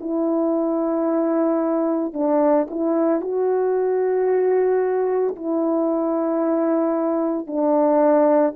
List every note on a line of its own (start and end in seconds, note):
0.00 2.13 E4
2.13 2.67 D4
2.70 3.21 E4
3.21 5.35 F#4
5.36 7.47 E4
7.47 8.54 D4